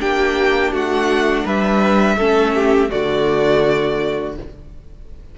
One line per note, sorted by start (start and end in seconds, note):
0.00 0.72 A#3
0.00 2.17 D4
0.00 0.73 G4
0.00 0.73 G5
0.72 1.44 A3
0.72 1.43 F#4
0.72 1.47 F#5
1.43 2.17 G3
1.43 2.16 B4
1.43 2.91 E5
2.17 2.89 A3
2.17 2.89 C#4
2.17 2.54 A4
2.54 2.91 G4
2.89 4.38 D3
2.89 4.33 A3
2.89 4.36 F#4
2.89 4.35 D5